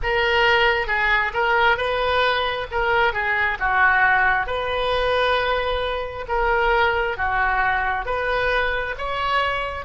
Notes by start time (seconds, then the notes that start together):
0.02 A#4
0.87 G#4
1.33 A#4
1.77 B4
2.71 A#4
3.13 G#4
3.59 F#4
4.46 B4
6.28 A#4
7.16 F#4
8.05 B4
8.98 C#5